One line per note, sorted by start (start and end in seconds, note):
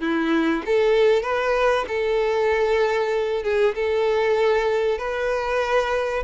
0.00 0.62 E4
0.66 1.22 A4
1.22 1.85 B4
1.87 3.43 A4
3.43 3.74 G#4
3.74 4.98 A4
4.98 6.23 B4